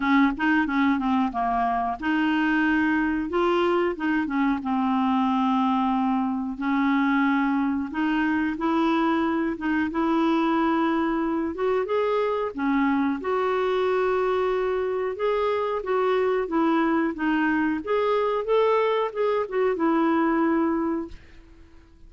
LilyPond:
\new Staff \with { instrumentName = "clarinet" } { \time 4/4 \tempo 4 = 91 cis'8 dis'8 cis'8 c'8 ais4 dis'4~ | dis'4 f'4 dis'8 cis'8 c'4~ | c'2 cis'2 | dis'4 e'4. dis'8 e'4~ |
e'4. fis'8 gis'4 cis'4 | fis'2. gis'4 | fis'4 e'4 dis'4 gis'4 | a'4 gis'8 fis'8 e'2 | }